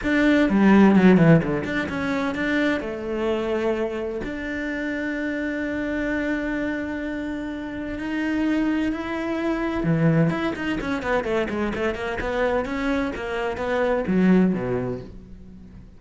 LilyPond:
\new Staff \with { instrumentName = "cello" } { \time 4/4 \tempo 4 = 128 d'4 g4 fis8 e8 d8 d'8 | cis'4 d'4 a2~ | a4 d'2.~ | d'1~ |
d'4 dis'2 e'4~ | e'4 e4 e'8 dis'8 cis'8 b8 | a8 gis8 a8 ais8 b4 cis'4 | ais4 b4 fis4 b,4 | }